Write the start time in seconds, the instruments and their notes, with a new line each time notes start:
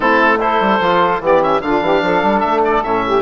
0.00 bassoon A3, trombone C4, saxophone E4, oboe A4
0.40 trombone E4, saxophone A4, oboe C5
0.60 bassoon G3
0.80 bassoon F3, trombone F4
1.20 bassoon E3, trombone B3, saxophone G4, oboe D5
1.41 trombone C#4, oboe E5
1.61 bassoon D3, trombone D4, saxophone F4, oboe F5
1.81 bassoon E3, saxophone G4
2.02 bassoon F3, saxophone A4
2.22 bassoon G3
2.40 bassoon A3, oboe E5
2.64 oboe D5
2.83 bassoon A2, trombone C#4, oboe E5
3.05 saxophone G4